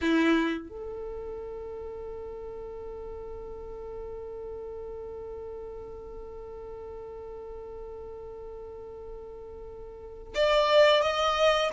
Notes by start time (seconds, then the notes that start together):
0.01 E4
0.68 A4
10.34 D5
11.02 D#5